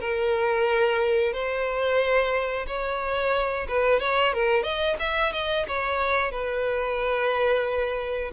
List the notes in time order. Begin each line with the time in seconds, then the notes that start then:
0.00 A#4
1.33 C5
2.67 C#5
3.68 B4
4.00 C#5
4.33 A#4
4.63 D#5
4.99 E5
5.32 D#5
5.68 C#5
6.31 B4